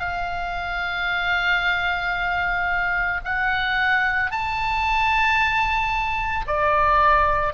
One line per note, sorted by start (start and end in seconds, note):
0.00 3.21 F5
3.25 4.31 F#5
4.31 6.46 A5
6.47 7.54 D5